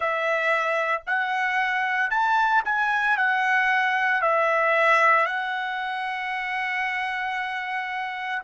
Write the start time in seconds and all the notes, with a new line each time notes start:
0.00 E5
1.06 F#5
2.10 A5
2.65 G#5
3.17 F#5
4.21 E5
5.26 F#5